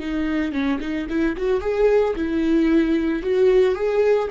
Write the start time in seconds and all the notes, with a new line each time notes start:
0.00 D#4
0.53 C#4
0.81 D#4
1.10 E4
1.37 F#4
1.61 G#4
2.16 E4
3.23 F#4
3.75 G#4